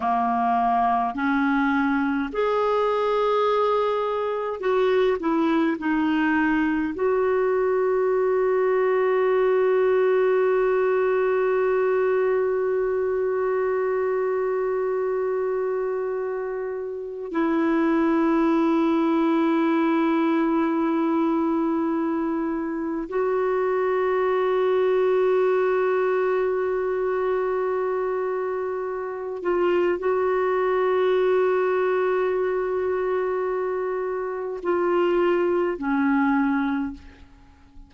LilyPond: \new Staff \with { instrumentName = "clarinet" } { \time 4/4 \tempo 4 = 52 ais4 cis'4 gis'2 | fis'8 e'8 dis'4 fis'2~ | fis'1~ | fis'2. e'4~ |
e'1 | fis'1~ | fis'4. f'8 fis'2~ | fis'2 f'4 cis'4 | }